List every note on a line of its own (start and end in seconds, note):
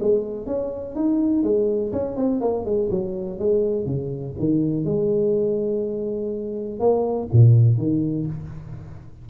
0.00 0.46 G#3
0.46 0.95 C#4
0.95 1.43 D#4
1.43 1.92 G#3
1.92 2.16 C#4
2.16 2.41 C4
2.41 2.65 A#3
2.65 2.89 G#3
2.90 3.39 F#3
3.39 3.86 G#3
3.86 4.34 C#3
4.39 4.85 D#3
4.85 6.80 G#3
6.80 7.28 A#3
7.32 7.77 A#2
7.77 8.26 D#3